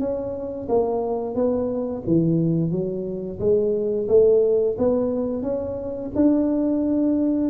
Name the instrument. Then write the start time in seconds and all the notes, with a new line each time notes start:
tuba
0.00 C#4
0.69 A#3
1.35 B3
2.07 E3
2.71 F#3
3.40 G#3
4.08 A3
4.79 B3
5.43 C#4
6.16 D4